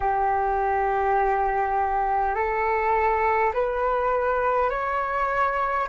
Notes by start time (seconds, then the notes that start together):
0.00 G4
2.34 A4
3.53 B4
4.70 C#5